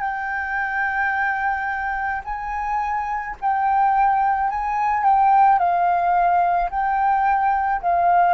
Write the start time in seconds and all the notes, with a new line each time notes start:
0.00 G5
2.25 G#5
3.41 G5
4.50 G#5
5.04 G5
5.59 F5
6.70 G5
7.82 F5